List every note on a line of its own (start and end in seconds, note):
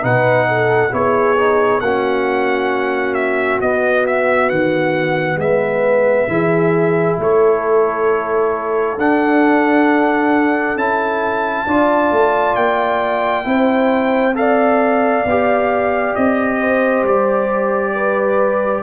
0.00 0.92 B2
0.00 0.90 D#4
0.00 0.47 B4
0.00 0.93 F#5
0.48 0.92 A4
0.91 1.80 B3
0.91 1.36 E4
0.91 1.82 G#4
0.91 1.80 C#5
1.37 1.81 D#4
1.80 3.60 A#3
1.80 3.62 C#4
1.80 5.40 F#4
1.80 3.14 F#5
3.14 3.59 E5
3.61 4.50 B3
3.61 6.29 B3
3.61 4.06 D#5
4.06 4.49 E5
4.49 5.36 D#3
4.49 5.38 F#5
5.36 6.26 G#3
5.36 6.30 B4
5.36 7.19 E5
6.28 7.17 E3
6.28 8.97 E4
6.28 7.20 G#4
7.18 8.97 A3
7.18 11.66 A4
7.18 8.99 C#5
8.97 10.76 D4
8.97 10.77 D4
8.97 10.77 F#5
10.76 11.65 C#4
10.76 11.67 E4
10.76 12.55 A5
11.66 12.11 D4
11.66 13.44 F4
11.66 13.45 D5
12.11 12.56 A3
12.55 13.45 A#3
12.55 14.34 G5
13.44 15.24 C4
13.44 14.34 E4
13.44 14.37 C5
14.35 15.24 A4
14.35 16.60 D5
14.35 16.15 F5
15.25 16.14 B3
15.25 18.83 G4
16.15 17.03 C4
16.15 17.04 D#5
16.60 17.94 C5
17.03 18.82 G3
17.03 18.83 D5
17.94 18.83 B4